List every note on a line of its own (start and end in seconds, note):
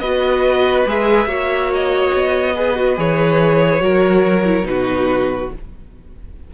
0.00 0.85 B3
0.00 0.87 F#4
0.00 1.28 B4
0.00 0.85 D#5
0.86 1.26 G#3
0.86 1.28 G#4
0.86 1.73 E5
1.26 2.11 A#3
1.26 2.54 F#4
1.26 2.55 C#5
1.73 3.00 D#5
2.14 2.98 B3
2.55 2.76 G#4
2.55 3.82 B4
2.76 2.96 F#4
2.96 3.80 E3
2.96 3.80 G#4
2.96 4.67 C#5
3.80 4.63 F#3
3.80 4.43 F#4
3.80 4.68 A#4
4.45 4.63 E4
4.63 5.48 B2
4.63 5.48 D#4
4.63 5.51 B4
4.70 5.54 F#4